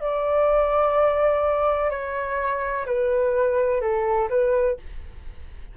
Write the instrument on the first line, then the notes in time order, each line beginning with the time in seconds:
flute
0.00 D5
1.90 C#5
2.86 B4
3.81 A4
4.29 B4